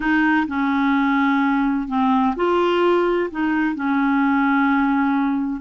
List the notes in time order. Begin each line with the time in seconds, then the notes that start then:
0.00 D#4
0.47 C#4
1.87 C4
2.36 F4
3.30 D#4
3.75 C#4